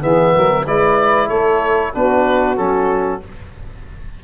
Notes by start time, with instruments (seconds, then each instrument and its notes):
0.00 tuba E3, trombone B3, saxophone G#4, oboe E5
0.33 tuba F#3, saxophone A#4
0.66 tuba G#3, trombone E4, saxophone B4, oboe D5
1.26 tuba A3, saxophone A4, oboe C#5
1.93 tuba B3, trombone D4, saxophone F#4, oboe B4
2.56 tuba F#3, trombone C#4, oboe A4